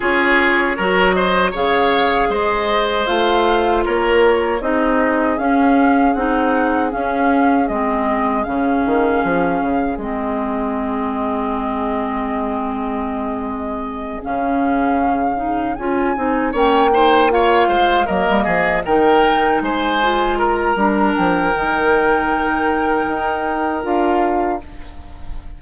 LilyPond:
<<
  \new Staff \with { instrumentName = "flute" } { \time 4/4 \tempo 4 = 78 cis''4. dis''8 f''4 dis''4 | f''4 cis''4 dis''4 f''4 | fis''4 f''4 dis''4 f''4~ | f''4 dis''2.~ |
dis''2~ dis''8 f''4.~ | f''8 gis''4 g''4 f''4 dis''8~ | dis''8 g''4 gis''4 ais''4 g''8~ | g''2. f''4 | }
  \new Staff \with { instrumentName = "oboe" } { \time 4/4 gis'4 ais'8 c''8 cis''4 c''4~ | c''4 ais'4 gis'2~ | gis'1~ | gis'1~ |
gis'1~ | gis'4. cis''8 c''8 cis''8 c''8 ais'8 | gis'8 ais'4 c''4 ais'4.~ | ais'1 | }
  \new Staff \with { instrumentName = "clarinet" } { \time 4/4 f'4 fis'4 gis'2 | f'2 dis'4 cis'4 | dis'4 cis'4 c'4 cis'4~ | cis'4 c'2.~ |
c'2~ c'8 cis'4. | dis'8 f'8 dis'8 cis'8 dis'8 f'4 ais8~ | ais8 dis'4. f'4 d'4 | dis'2. f'4 | }
  \new Staff \with { instrumentName = "bassoon" } { \time 4/4 cis'4 fis4 cis4 gis4 | a4 ais4 c'4 cis'4 | c'4 cis'4 gis4 cis8 dis8 | f8 cis8 gis2.~ |
gis2~ gis8 cis4.~ | cis8 cis'8 c'8 ais4. gis8 fis16 g16 | f8 dis4 gis4. g8 f8 | dis2 dis'4 d'4 | }
>>